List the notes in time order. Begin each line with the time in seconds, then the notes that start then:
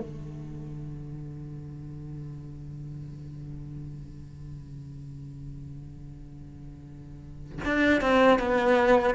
0.00 D3
7.65 D4
8.01 C4
8.39 B3